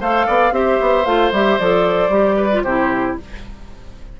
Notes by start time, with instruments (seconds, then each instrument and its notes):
0.00 bassoon A3, clarinet A4, oboe C5, flute F5
0.26 bassoon B3, oboe D5
0.51 bassoon C4, clarinet G4, oboe C5, flute E5
0.81 bassoon B3
1.05 bassoon A3, clarinet F4, flute F5
1.31 bassoon G3, clarinet G4, flute E5
1.58 bassoon F3, clarinet A4, flute D5
2.09 bassoon G3, clarinet G4
2.36 oboe B4
2.52 clarinet F4
2.62 bassoon C3, clarinet E4, oboe G4, flute C5